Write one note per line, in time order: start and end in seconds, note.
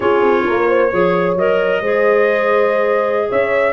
0.00 0.21 C#4
0.00 0.88 F4
0.00 0.43 G#4
0.00 1.35 C#5
0.21 0.44 C4
0.46 0.92 A#3
0.46 0.68 A#4
0.68 0.90 C5
0.90 1.36 F3
0.90 1.36 G#4
0.90 1.81 C#5
1.36 1.81 F#3
1.36 1.83 A#4
1.36 3.31 D#5
1.81 3.29 G#3
1.81 3.72 G#4
1.81 3.29 C5
3.29 3.72 C#4
3.29 3.72 C#5
3.29 3.72 E5